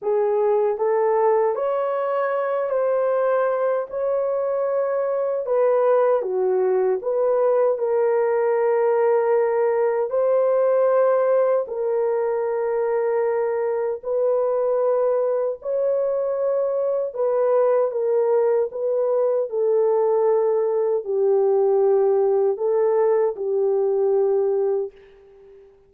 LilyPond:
\new Staff \with { instrumentName = "horn" } { \time 4/4 \tempo 4 = 77 gis'4 a'4 cis''4. c''8~ | c''4 cis''2 b'4 | fis'4 b'4 ais'2~ | ais'4 c''2 ais'4~ |
ais'2 b'2 | cis''2 b'4 ais'4 | b'4 a'2 g'4~ | g'4 a'4 g'2 | }